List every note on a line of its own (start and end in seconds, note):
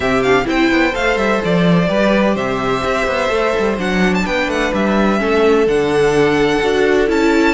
0.00 0.45 C3
0.00 0.23 C4
0.00 0.47 G4
0.00 0.22 E5
0.22 0.44 D4
0.22 0.46 F5
0.44 0.71 C4
0.44 0.91 E4
0.44 1.88 C5
0.44 0.94 G5
0.71 0.94 B3
0.92 1.16 A3
0.92 1.87 A4
0.92 1.17 F5
1.16 1.40 G3
1.16 1.41 E5
1.44 1.88 F3
1.44 2.36 D5
1.88 2.35 G3
1.88 3.28 G4
1.88 2.34 B4
2.34 2.82 C3
2.34 4.23 C5
2.34 3.78 E5
2.84 3.07 C4
3.07 3.30 B3
3.28 3.53 A3
3.28 3.76 A4
3.58 3.78 G3
3.77 4.25 F#3
3.77 5.18 D4
3.77 4.14 F#5
4.14 4.26 A5
4.25 4.48 B3
4.25 5.19 B4
4.25 4.49 G5
4.48 4.71 A3
4.48 4.73 F#5
4.73 5.20 G3
4.73 5.67 E5
5.18 5.66 A3
5.18 5.65 C#4
5.18 7.54 A4
5.66 6.61 D3
5.66 6.62 D4
5.66 7.09 F#5
6.62 7.09 D4
6.62 7.07 F#4
7.07 7.54 C#4
7.07 7.54 E4
7.07 7.54 A5